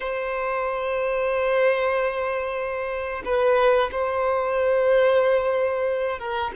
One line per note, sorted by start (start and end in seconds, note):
0.00 3.22 C5
3.25 3.90 B4
3.91 6.18 C5
6.18 6.51 A#4